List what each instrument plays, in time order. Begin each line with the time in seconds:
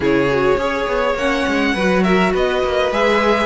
0.00 cello C#3, viola E4, violin G#4 C#5
0.30 viola F#4
0.57 cello C#4, viola G#4, violin C#5
0.86 cello B3
1.15 cello A#3, viola C#4, violin F#5
1.47 cello G#3
1.74 cello F#3, viola F#4, violin B4
2.03 violin A#4 E5
2.33 cello B3, violin B4 D#5
2.63 cello A#3
2.91 cello G#3, viola G#4, violin E5